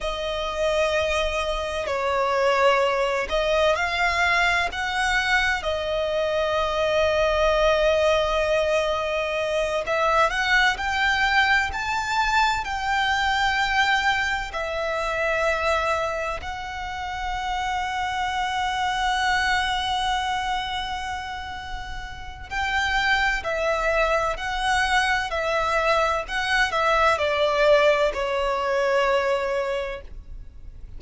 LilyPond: \new Staff \with { instrumentName = "violin" } { \time 4/4 \tempo 4 = 64 dis''2 cis''4. dis''8 | f''4 fis''4 dis''2~ | dis''2~ dis''8 e''8 fis''8 g''8~ | g''8 a''4 g''2 e''8~ |
e''4. fis''2~ fis''8~ | fis''1 | g''4 e''4 fis''4 e''4 | fis''8 e''8 d''4 cis''2 | }